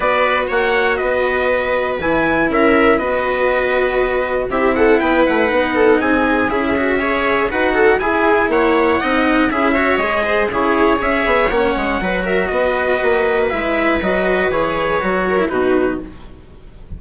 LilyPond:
<<
  \new Staff \with { instrumentName = "trumpet" } { \time 4/4 \tempo 4 = 120 d''4 fis''4 dis''2 | gis''4 e''4 dis''2~ | dis''4 e''8 fis''8 g''8 fis''4. | gis''4 e''2 fis''4 |
gis''4 fis''2 e''4 | dis''4 cis''4 e''4 fis''4~ | fis''8 e''8 dis''2 e''4 | dis''4 cis''2 b'4 | }
  \new Staff \with { instrumentName = "viola" } { \time 4/4 b'4 cis''4 b'2~ | b'4 ais'4 b'2~ | b'4 g'8 a'8 b'4. a'8 | gis'2 cis''4 b'8 a'8 |
gis'4 cis''4 dis''4 gis'8 cis''8~ | cis''8 c''8 gis'4 cis''2 | b'8 ais'8 b'2.~ | b'2~ b'8 ais'8 fis'4 | }
  \new Staff \with { instrumentName = "cello" } { \time 4/4 fis'1 | e'2 fis'2~ | fis'4 e'2 dis'4~ | dis'4 e'8 fis'8 gis'4 fis'4 |
e'2 dis'4 e'8 fis'8 | gis'4 e'4 gis'4 cis'4 | fis'2. e'4 | fis'4 gis'4 fis'8. e'16 dis'4 | }
  \new Staff \with { instrumentName = "bassoon" } { \time 4/4 b4 ais4 b2 | e4 cis'4 b2~ | b4 c'4 b8 a8 b4 | c'4 cis'2 dis'4 |
e'4 ais4 c'4 cis'4 | gis4 cis4 cis'8 b8 ais8 gis8 | fis4 b4 ais4 gis4 | fis4 e4 fis4 b,4 | }
>>